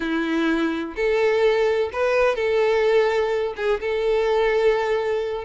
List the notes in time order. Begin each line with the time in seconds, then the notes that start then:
0.00 E4
0.96 A4
1.92 B4
2.35 A4
3.56 G#4
3.80 A4